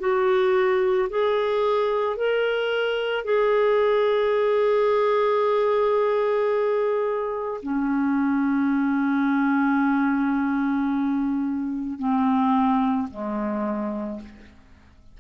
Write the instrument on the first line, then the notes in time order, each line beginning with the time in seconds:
clarinet
0.00 F#4
1.10 G#4
2.17 A#4
3.25 G#4
7.63 C#4
11.99 C4
13.11 G#3